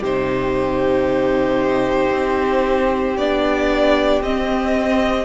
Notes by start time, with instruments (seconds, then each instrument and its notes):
0.00 cello C3, viola D#4, violin G4 C5
2.11 cello C4
3.16 cello B3, viola D4, violin D5
4.21 cello C4, viola C4, violin D#5